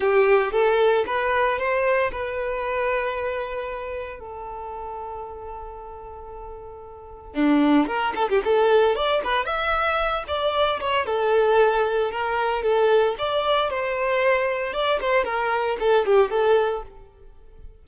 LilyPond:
\new Staff \with { instrumentName = "violin" } { \time 4/4 \tempo 4 = 114 g'4 a'4 b'4 c''4 | b'1 | a'1~ | a'2 d'4 ais'8 a'16 g'16 |
a'4 d''8 b'8 e''4. d''8~ | d''8 cis''8 a'2 ais'4 | a'4 d''4 c''2 | d''8 c''8 ais'4 a'8 g'8 a'4 | }